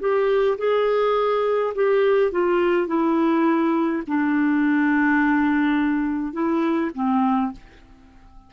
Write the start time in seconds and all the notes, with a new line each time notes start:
0.00 G4
0.58 G#4
1.75 G4
2.31 F4
2.87 E4
4.07 D4
6.33 E4
6.94 C4